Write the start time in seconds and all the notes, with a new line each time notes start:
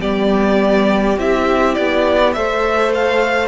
0.00 G3 B3 G4 D5
1.17 C4 E4 E5
1.74 B3 D5
2.33 A3 A4 C5 E5
2.94 F5